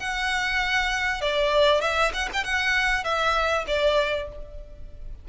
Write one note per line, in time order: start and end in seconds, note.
0.00 1.22 F#5
1.22 1.82 D5
1.82 2.12 E5
2.14 2.29 F#5
2.34 2.45 G5
2.45 3.04 F#5
3.04 3.65 E5
3.68 4.29 D5